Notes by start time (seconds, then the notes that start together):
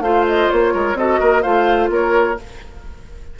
0.00 A3 F4 C5 F5
0.27 D#5
0.50 A#3 C#5
0.73 G#3 A#4
0.94 C4 F#4 A4 D#5
1.20 A#3 A#4
1.42 A3 F4 C5 F5
1.89 A#3 A#4 C#5